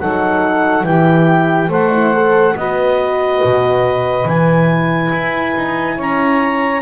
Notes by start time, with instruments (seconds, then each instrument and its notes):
0.00 double bass F#3, horn D#4, saxophone A4, clarinet F#5
0.83 double bass E3, horn E4, saxophone G4, clarinet G5
1.69 double bass A3, horn A4, saxophone C5, clarinet F#5
1.92 horn E4
2.14 horn A4
2.56 double bass B3, horn F#4, saxophone B4, clarinet D#5
3.44 double bass B2
4.25 double bass E3, horn E4, clarinet G#5
5.12 double bass E4
5.56 double bass D#4
5.96 double bass C#4, saxophone C#5, clarinet A#5